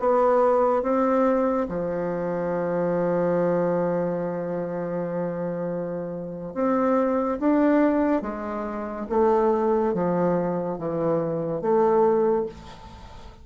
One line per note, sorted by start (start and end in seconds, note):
0.00 0.83 B3
0.83 1.67 C4
1.69 6.55 F3
6.55 7.39 C4
7.41 8.22 D4
8.22 9.07 G#3
9.10 9.94 A3
9.94 10.79 F3
10.79 11.62 E3
11.62 12.46 A3